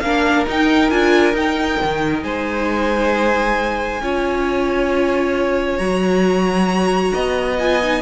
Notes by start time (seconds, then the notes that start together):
0.00 A#3 D4 A#4 F5
0.47 D#4 G5
0.90 D4 F4 G#5
1.34 D#4 G5
1.84 D#3
2.23 G#3 C5 G#5
4.01 C#4 F4 C#5
5.78 F#3 F#4 A#5
7.14 B3 D#5
7.59 F4 G#5
7.83 D#4